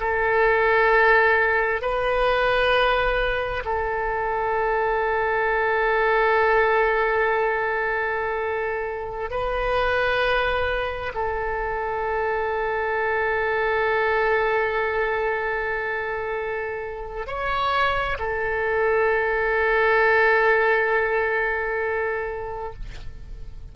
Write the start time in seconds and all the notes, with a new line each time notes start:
0.00 A4
1.81 B4
3.65 A4
9.31 B4
11.14 A4
17.27 C#5
18.19 A4